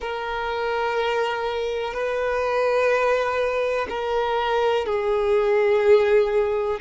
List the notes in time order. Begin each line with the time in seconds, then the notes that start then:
0.00 A#4
1.93 B4
3.89 A#4
4.86 G#4